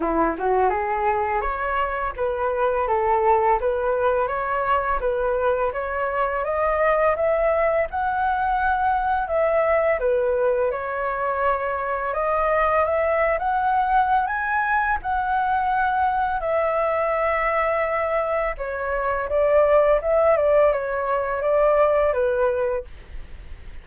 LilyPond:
\new Staff \with { instrumentName = "flute" } { \time 4/4 \tempo 4 = 84 e'8 fis'8 gis'4 cis''4 b'4 | a'4 b'4 cis''4 b'4 | cis''4 dis''4 e''4 fis''4~ | fis''4 e''4 b'4 cis''4~ |
cis''4 dis''4 e''8. fis''4~ fis''16 | gis''4 fis''2 e''4~ | e''2 cis''4 d''4 | e''8 d''8 cis''4 d''4 b'4 | }